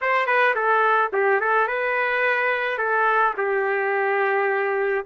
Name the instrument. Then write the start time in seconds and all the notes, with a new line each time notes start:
trumpet
0.01 C5
0.26 B4
0.55 A4
1.12 G4
1.40 A4
1.67 B4
2.78 A4
3.37 G4